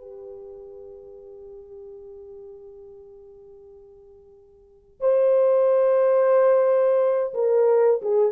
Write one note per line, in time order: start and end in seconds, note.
0.00 5.00 G4
5.00 7.33 C5
7.34 8.01 A#4
8.02 8.32 G#4